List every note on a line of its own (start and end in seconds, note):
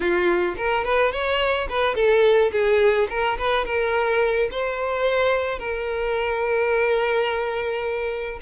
0.00 0.55 F4
0.57 0.84 A#4
0.84 1.11 B4
1.11 1.67 C#5
1.69 1.95 B4
1.95 2.51 A4
2.51 3.07 G#4
3.09 3.37 A#4
3.38 3.65 B4
3.65 4.49 A#4
4.51 5.58 C5
5.58 8.39 A#4